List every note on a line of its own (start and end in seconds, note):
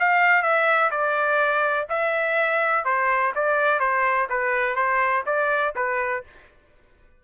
0.00 0.43 F5
0.43 0.91 E5
0.92 1.88 D5
1.90 2.85 E5
2.85 3.33 C5
3.36 3.80 D5
3.80 4.28 C5
4.30 4.76 B4
4.76 5.24 C5
5.26 5.74 D5
5.76 6.24 B4